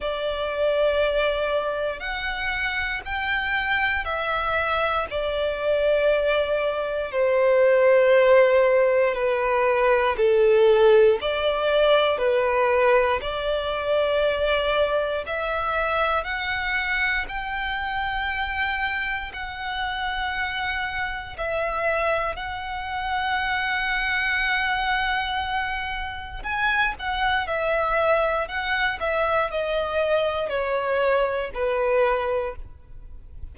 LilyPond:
\new Staff \with { instrumentName = "violin" } { \time 4/4 \tempo 4 = 59 d''2 fis''4 g''4 | e''4 d''2 c''4~ | c''4 b'4 a'4 d''4 | b'4 d''2 e''4 |
fis''4 g''2 fis''4~ | fis''4 e''4 fis''2~ | fis''2 gis''8 fis''8 e''4 | fis''8 e''8 dis''4 cis''4 b'4 | }